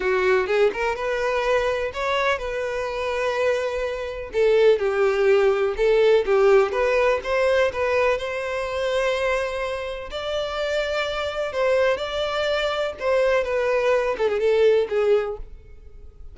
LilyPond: \new Staff \with { instrumentName = "violin" } { \time 4/4 \tempo 4 = 125 fis'4 gis'8 ais'8 b'2 | cis''4 b'2.~ | b'4 a'4 g'2 | a'4 g'4 b'4 c''4 |
b'4 c''2.~ | c''4 d''2. | c''4 d''2 c''4 | b'4. a'16 gis'16 a'4 gis'4 | }